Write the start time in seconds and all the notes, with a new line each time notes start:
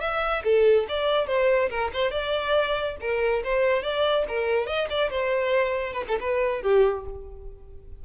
0.00 E5
0.44 A4
0.89 D5
1.27 C5
1.70 A#4
1.93 C5
2.11 D5
3.01 A#4
3.44 C5
3.83 D5
4.28 A#4
4.67 D#5
4.90 D5
5.10 C5
5.93 B4
6.08 A4
6.20 B4
6.62 G4